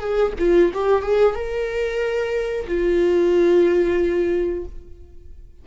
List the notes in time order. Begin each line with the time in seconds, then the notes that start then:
0.00 G#4
0.39 F4
0.74 G4
1.02 G#4
1.35 A#4
2.68 F4